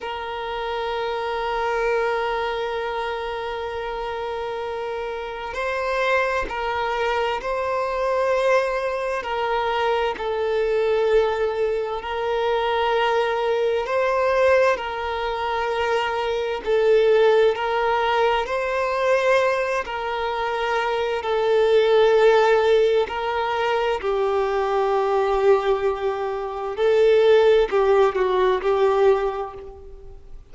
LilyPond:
\new Staff \with { instrumentName = "violin" } { \time 4/4 \tempo 4 = 65 ais'1~ | ais'2 c''4 ais'4 | c''2 ais'4 a'4~ | a'4 ais'2 c''4 |
ais'2 a'4 ais'4 | c''4. ais'4. a'4~ | a'4 ais'4 g'2~ | g'4 a'4 g'8 fis'8 g'4 | }